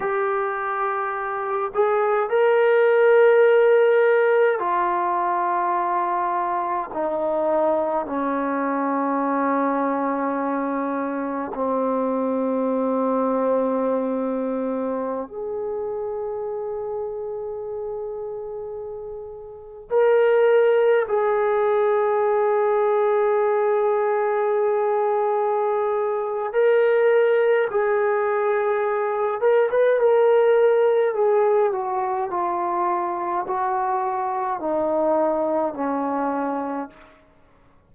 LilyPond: \new Staff \with { instrumentName = "trombone" } { \time 4/4 \tempo 4 = 52 g'4. gis'8 ais'2 | f'2 dis'4 cis'4~ | cis'2 c'2~ | c'4~ c'16 gis'2~ gis'8.~ |
gis'4~ gis'16 ais'4 gis'4.~ gis'16~ | gis'2. ais'4 | gis'4. ais'16 b'16 ais'4 gis'8 fis'8 | f'4 fis'4 dis'4 cis'4 | }